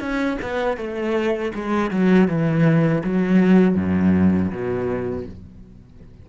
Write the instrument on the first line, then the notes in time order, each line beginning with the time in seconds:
cello
0.00 C#4
0.42 B3
0.77 A3
1.54 G#3
1.91 F#3
2.28 E3
3.04 F#3
3.76 F#2
4.51 B2